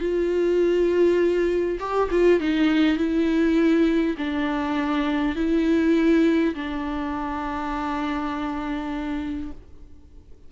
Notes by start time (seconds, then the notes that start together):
0.00 F4
1.80 G4
2.11 F4
2.40 D#4
2.97 E4
4.17 D4
5.35 E4
6.55 D4